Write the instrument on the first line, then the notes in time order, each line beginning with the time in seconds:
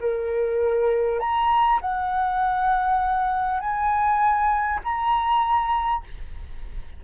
flute
0.00 A#4
1.19 A#5
1.81 F#5
3.59 G#5
4.84 A#5